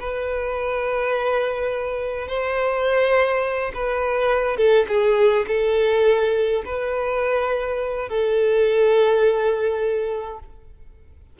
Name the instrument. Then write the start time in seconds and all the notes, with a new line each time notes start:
violin
0.00 B4
2.28 C5
3.74 B4
4.57 A4
4.88 G#4
5.48 A4
6.66 B4
8.09 A4